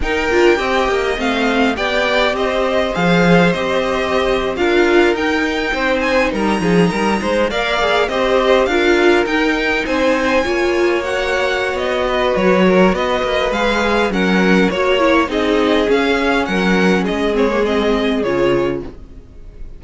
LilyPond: <<
  \new Staff \with { instrumentName = "violin" } { \time 4/4 \tempo 4 = 102 g''2 f''4 g''4 | dis''4 f''4 dis''4.~ dis''16 f''16~ | f''8. g''4. gis''8 ais''4~ ais''16~ | ais''8. f''4 dis''4 f''4 g''16~ |
g''8. gis''2 fis''4~ fis''16 | dis''4 cis''4 dis''4 f''4 | fis''4 cis''4 dis''4 f''4 | fis''4 dis''8 cis''8 dis''4 cis''4 | }
  \new Staff \with { instrumentName = "violin" } { \time 4/4 ais'4 dis''2 d''4 | c''2.~ c''8. ais'16~ | ais'4.~ ais'16 c''4 ais'8 gis'8 ais'16~ | ais'16 c''8 d''4 c''4 ais'4~ ais'16~ |
ais'8. c''4 cis''2~ cis''16~ | cis''8 b'4 ais'8 b'2 | ais'4 cis''4 gis'2 | ais'4 gis'2. | }
  \new Staff \with { instrumentName = "viola" } { \time 4/4 dis'8 f'8 g'4 c'4 g'4~ | g'4 gis'4 g'4.~ g'16 f'16~ | f'8. dis'2.~ dis'16~ | dis'8. ais'8 gis'8 g'4 f'4 dis'16~ |
dis'4.~ dis'16 f'4 fis'4~ fis'16~ | fis'2. gis'4 | cis'4 fis'8 e'8 dis'4 cis'4~ | cis'4. c'16 ais16 c'4 f'4 | }
  \new Staff \with { instrumentName = "cello" } { \time 4/4 dis'8 d'8 c'8 ais8 a4 b4 | c'4 f4 c'4.~ c'16 d'16~ | d'8. dis'4 c'4 g8 f8 g16~ | g16 gis8 ais4 c'4 d'4 dis'16~ |
dis'8. c'4 ais2~ ais16 | b4 fis4 b8 ais8 gis4 | fis4 ais4 c'4 cis'4 | fis4 gis2 cis4 | }
>>